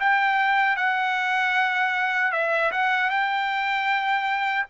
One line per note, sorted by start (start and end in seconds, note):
0.00 0.77 G5
0.77 2.32 F#5
2.32 2.71 E5
2.72 3.10 F#5
3.10 4.66 G5